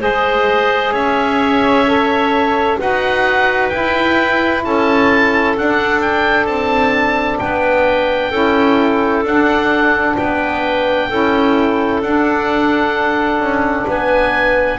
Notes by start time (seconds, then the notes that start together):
0.00 G#3 G#4 C5 D#5
0.92 C#4 C#5 E5
1.87 A4
2.79 D#4 F#4 B4 F#5
3.69 E4 G5
4.64 C#4 A4 A5
5.56 D4 F#5
6.01 G5
6.46 C4 A5
7.39 B3 B4 G5
8.30 C#4 E4 A4
9.24 D4 F#5
10.16 B3 B4 G5
11.09 C#4 E4 A4
12.02 D4 F#5
13.40 C#4
13.87 B3 B4 G#5